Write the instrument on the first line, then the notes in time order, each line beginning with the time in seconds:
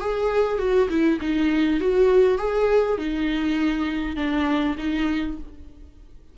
viola
0.00 G#4
0.59 F#4
0.89 E4
1.20 D#4
1.80 F#4
2.38 G#4
2.98 D#4
4.16 D4
4.78 D#4